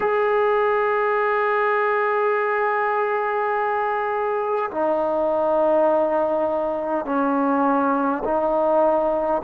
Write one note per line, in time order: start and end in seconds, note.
0.00 4.70 G#4
4.71 7.05 D#4
7.05 8.22 C#4
8.24 9.42 D#4